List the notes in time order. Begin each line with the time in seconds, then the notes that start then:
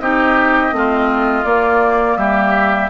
0.00 C4 D#4 G4 D#5
0.72 A3 C4 F4
1.45 A#3 D5
2.17 G3 G4 E5